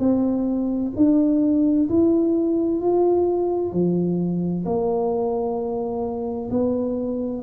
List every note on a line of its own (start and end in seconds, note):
0.00 0.92 C4
0.97 1.89 D4
1.89 2.81 E4
2.81 3.73 F4
3.73 4.65 F3
4.66 6.50 A#3
6.51 7.43 B3